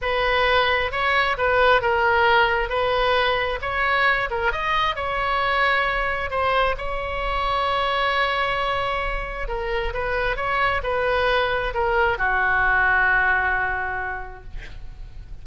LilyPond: \new Staff \with { instrumentName = "oboe" } { \time 4/4 \tempo 4 = 133 b'2 cis''4 b'4 | ais'2 b'2 | cis''4. ais'8 dis''4 cis''4~ | cis''2 c''4 cis''4~ |
cis''1~ | cis''4 ais'4 b'4 cis''4 | b'2 ais'4 fis'4~ | fis'1 | }